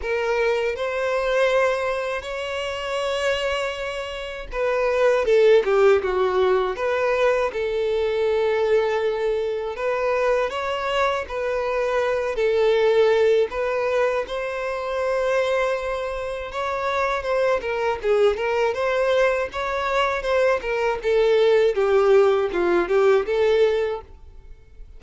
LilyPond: \new Staff \with { instrumentName = "violin" } { \time 4/4 \tempo 4 = 80 ais'4 c''2 cis''4~ | cis''2 b'4 a'8 g'8 | fis'4 b'4 a'2~ | a'4 b'4 cis''4 b'4~ |
b'8 a'4. b'4 c''4~ | c''2 cis''4 c''8 ais'8 | gis'8 ais'8 c''4 cis''4 c''8 ais'8 | a'4 g'4 f'8 g'8 a'4 | }